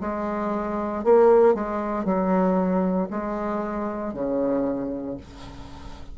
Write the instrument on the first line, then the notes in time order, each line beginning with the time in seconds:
bassoon
0.00 G#3
1.03 A#3
1.54 G#3
2.04 F#3
3.10 G#3
4.13 C#3